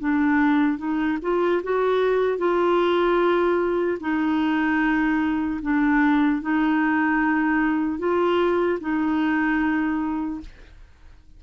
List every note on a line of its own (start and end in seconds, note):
0.00 0.78 D4
0.78 1.18 D#4
1.23 1.63 F4
1.63 2.39 F#4
2.39 3.99 F4
4.01 5.61 D#4
5.62 6.42 D4
6.42 7.99 D#4
7.99 8.79 F4
8.81 10.41 D#4